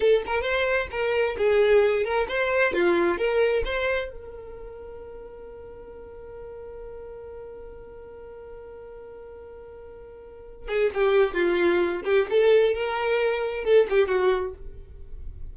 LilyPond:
\new Staff \with { instrumentName = "violin" } { \time 4/4 \tempo 4 = 132 a'8 ais'8 c''4 ais'4 gis'4~ | gis'8 ais'8 c''4 f'4 ais'4 | c''4 ais'2.~ | ais'1~ |
ais'1~ | ais'2.~ ais'8 gis'8 | g'4 f'4. g'8 a'4 | ais'2 a'8 g'8 fis'4 | }